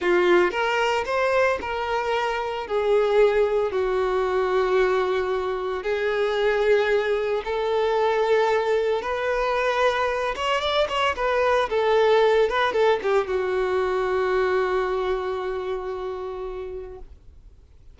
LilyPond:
\new Staff \with { instrumentName = "violin" } { \time 4/4 \tempo 4 = 113 f'4 ais'4 c''4 ais'4~ | ais'4 gis'2 fis'4~ | fis'2. gis'4~ | gis'2 a'2~ |
a'4 b'2~ b'8 cis''8 | d''8 cis''8 b'4 a'4. b'8 | a'8 g'8 fis'2.~ | fis'1 | }